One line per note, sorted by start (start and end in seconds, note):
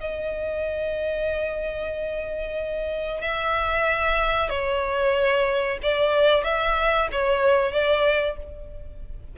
0.00 3.21 D#5
3.21 4.49 E5
4.49 5.78 C#5
5.82 6.44 D5
6.44 7.08 E5
7.12 7.72 C#5
7.72 8.36 D5